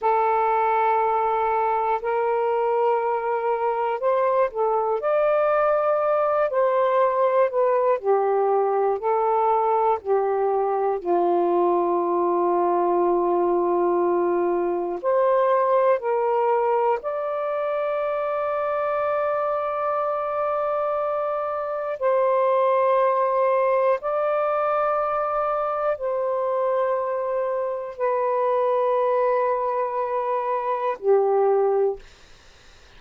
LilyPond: \new Staff \with { instrumentName = "saxophone" } { \time 4/4 \tempo 4 = 60 a'2 ais'2 | c''8 a'8 d''4. c''4 b'8 | g'4 a'4 g'4 f'4~ | f'2. c''4 |
ais'4 d''2.~ | d''2 c''2 | d''2 c''2 | b'2. g'4 | }